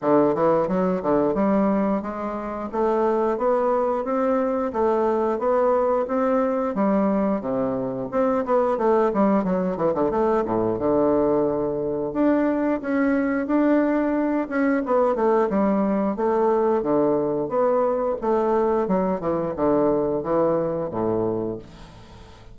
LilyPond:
\new Staff \with { instrumentName = "bassoon" } { \time 4/4 \tempo 4 = 89 d8 e8 fis8 d8 g4 gis4 | a4 b4 c'4 a4 | b4 c'4 g4 c4 | c'8 b8 a8 g8 fis8 e16 d16 a8 a,8 |
d2 d'4 cis'4 | d'4. cis'8 b8 a8 g4 | a4 d4 b4 a4 | fis8 e8 d4 e4 a,4 | }